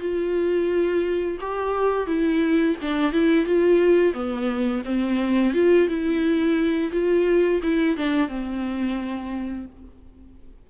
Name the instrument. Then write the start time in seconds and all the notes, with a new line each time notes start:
viola
0.00 F4
1.41 G4
2.07 E4
2.82 D4
3.13 E4
3.46 F4
4.14 B3
4.85 C4
5.54 F4
5.88 E4
6.92 F4
7.63 E4
7.97 D4
8.28 C4